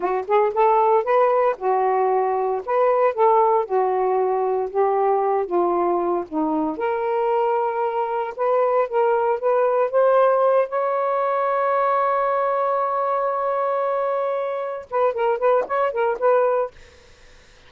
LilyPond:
\new Staff \with { instrumentName = "saxophone" } { \time 4/4 \tempo 4 = 115 fis'8 gis'8 a'4 b'4 fis'4~ | fis'4 b'4 a'4 fis'4~ | fis'4 g'4. f'4. | dis'4 ais'2. |
b'4 ais'4 b'4 c''4~ | c''8 cis''2.~ cis''8~ | cis''1~ | cis''8 b'8 ais'8 b'8 cis''8 ais'8 b'4 | }